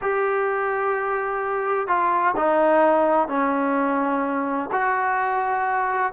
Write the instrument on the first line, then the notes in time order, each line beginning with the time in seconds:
trombone
0.01 G4
1.87 F4
2.36 D#4
3.28 C#4
4.72 F#4